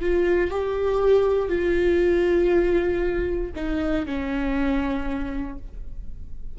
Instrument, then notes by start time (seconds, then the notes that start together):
viola
0.00 F4
0.50 G4
1.48 F4
3.55 D#4
4.05 C#4